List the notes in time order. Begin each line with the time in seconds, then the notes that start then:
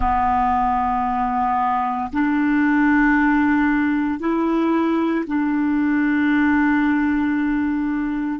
0.00 B3
2.12 D4
4.19 E4
5.26 D4